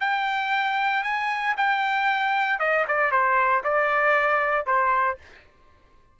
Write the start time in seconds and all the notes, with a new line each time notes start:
0.00 G5
1.03 G#5
1.57 G5
2.59 D#5
2.88 D5
3.11 C5
3.64 D5
4.66 C5